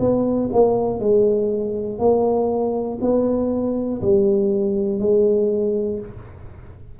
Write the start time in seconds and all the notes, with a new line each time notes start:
0.00 B3
0.52 A#3
1.00 G#3
1.99 A#3
3.01 B3
4.02 G3
4.99 G#3